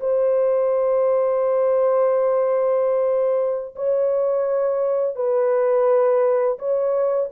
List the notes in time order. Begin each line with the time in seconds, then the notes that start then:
0.00 C5
3.76 C#5
5.16 B4
6.59 C#5